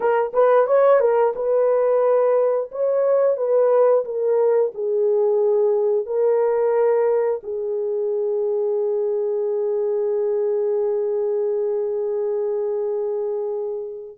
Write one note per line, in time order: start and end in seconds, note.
0.00 0.32 A#4
0.33 0.66 B4
0.66 0.99 C#5
0.99 1.33 A#4
1.35 2.70 B4
2.71 3.36 C#5
3.36 4.04 B4
4.04 4.72 A#4
4.74 6.06 G#4
6.06 7.41 A#4
7.43 14.17 G#4